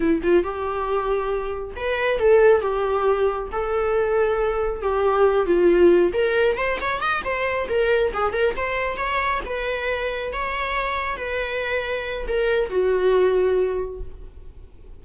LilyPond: \new Staff \with { instrumentName = "viola" } { \time 4/4 \tempo 4 = 137 e'8 f'8 g'2. | b'4 a'4 g'2 | a'2. g'4~ | g'8 f'4. ais'4 c''8 cis''8 |
dis''8 c''4 ais'4 gis'8 ais'8 c''8~ | c''8 cis''4 b'2 cis''8~ | cis''4. b'2~ b'8 | ais'4 fis'2. | }